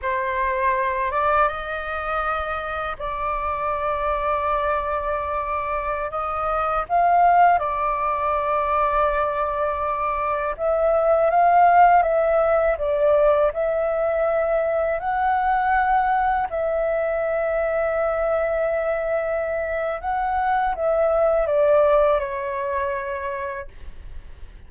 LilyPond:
\new Staff \with { instrumentName = "flute" } { \time 4/4 \tempo 4 = 81 c''4. d''8 dis''2 | d''1~ | d''16 dis''4 f''4 d''4.~ d''16~ | d''2~ d''16 e''4 f''8.~ |
f''16 e''4 d''4 e''4.~ e''16~ | e''16 fis''2 e''4.~ e''16~ | e''2. fis''4 | e''4 d''4 cis''2 | }